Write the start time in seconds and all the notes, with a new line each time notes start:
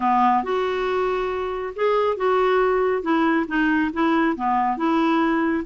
0.00 B3
0.43 F#4
1.75 G#4
2.16 F#4
3.02 E4
3.47 D#4
3.93 E4
4.36 B3
4.77 E4